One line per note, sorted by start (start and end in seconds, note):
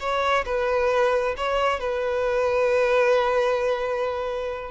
0.00 0.45 C#5
0.46 1.35 B4
1.37 1.80 C#5
1.80 4.71 B4